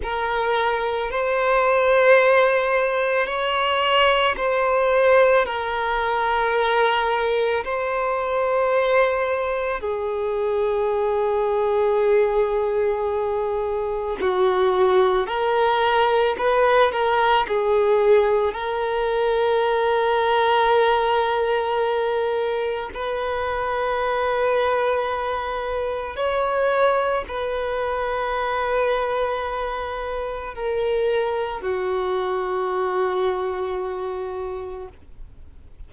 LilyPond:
\new Staff \with { instrumentName = "violin" } { \time 4/4 \tempo 4 = 55 ais'4 c''2 cis''4 | c''4 ais'2 c''4~ | c''4 gis'2.~ | gis'4 fis'4 ais'4 b'8 ais'8 |
gis'4 ais'2.~ | ais'4 b'2. | cis''4 b'2. | ais'4 fis'2. | }